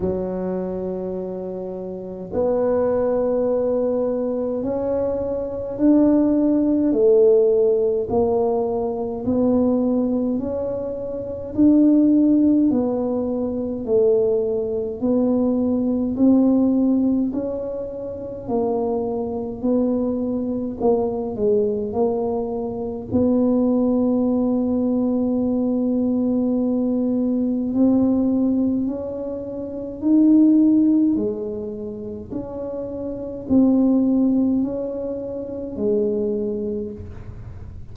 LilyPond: \new Staff \with { instrumentName = "tuba" } { \time 4/4 \tempo 4 = 52 fis2 b2 | cis'4 d'4 a4 ais4 | b4 cis'4 d'4 b4 | a4 b4 c'4 cis'4 |
ais4 b4 ais8 gis8 ais4 | b1 | c'4 cis'4 dis'4 gis4 | cis'4 c'4 cis'4 gis4 | }